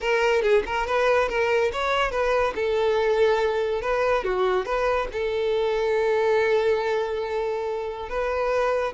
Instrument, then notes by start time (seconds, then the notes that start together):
violin
0.00 A#4
0.42 G#4
0.66 A#4
0.86 B4
1.29 A#4
1.72 C#5
2.11 B4
2.55 A4
3.81 B4
4.23 F#4
4.65 B4
5.12 A4
8.09 B4